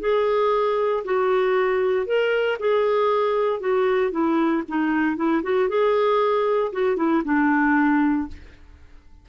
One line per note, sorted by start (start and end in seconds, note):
0.00 1.03 G#4
1.04 2.06 F#4
2.06 2.57 A#4
2.59 3.60 G#4
3.60 4.11 F#4
4.11 4.63 E4
4.68 5.16 D#4
5.16 5.42 E4
5.43 5.69 F#4
5.69 6.72 G#4
6.72 6.96 F#4
6.96 7.22 E4
7.24 8.28 D4